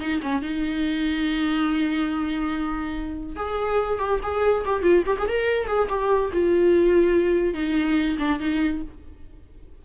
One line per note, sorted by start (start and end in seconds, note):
0.00 0.21 D#4
0.23 0.42 C#4
0.42 3.36 D#4
3.36 3.99 G#4
3.99 4.20 G4
4.23 4.65 G#4
4.65 4.83 G4
4.83 5.04 F4
5.07 5.17 G4
5.19 5.29 G#4
5.29 5.67 A#4
5.67 5.88 G#4
5.89 6.31 G4
6.33 7.54 F4
7.54 8.17 D#4
8.19 8.40 D4
8.40 8.82 D#4